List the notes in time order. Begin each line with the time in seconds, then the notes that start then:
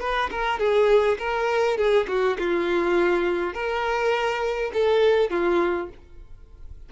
0.00 B4
0.31 A#4
0.59 G#4
1.18 A#4
1.77 G#4
2.08 F#4
2.39 F4
3.53 A#4
4.74 A4
5.30 F4